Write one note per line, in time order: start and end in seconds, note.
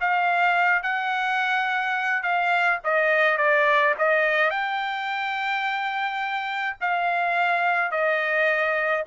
0.00 0.83 F5
0.83 2.23 F#5
2.23 2.79 F5
2.84 3.37 D#5
3.37 3.94 D5
3.98 4.50 D#5
4.50 6.76 G5
6.81 7.91 F5
7.91 9.04 D#5